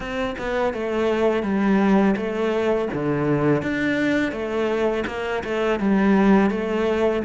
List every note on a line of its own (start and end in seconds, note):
0.00 0.35 C4
0.38 0.73 B3
0.73 1.42 A3
1.42 2.15 G3
2.16 2.88 A3
2.93 3.62 D3
3.62 4.31 D4
4.31 5.04 A3
5.06 5.42 A#3
5.43 5.79 A3
5.79 6.50 G3
6.50 7.22 A3